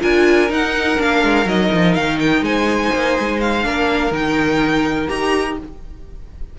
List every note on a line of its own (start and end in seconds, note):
0.00 0.50 D4
0.00 0.48 F4
0.00 2.42 A#4
0.00 0.51 G#5
0.48 0.96 D#4
0.48 0.98 D#4
0.48 1.01 F#5
0.97 1.23 A#3
0.97 1.45 D4
0.97 1.48 F5
1.23 1.45 G#3
1.45 1.69 F#3
1.45 3.63 D#4
1.45 1.94 D#5
1.73 1.96 F3
1.94 2.41 D#3
1.94 2.18 F5
2.20 2.44 G5
2.41 2.90 G#3
2.41 3.65 C5
2.41 3.40 G#5
2.94 3.18 A#3
3.19 3.65 G#3
3.40 4.12 F5
3.63 4.11 A#3
3.63 4.11 D4
3.63 5.58 A#4
4.11 5.08 D#3
4.11 5.08 D#4
4.11 5.08 G5
5.08 5.58 D#4
5.08 5.57 G4
5.08 5.57 A#5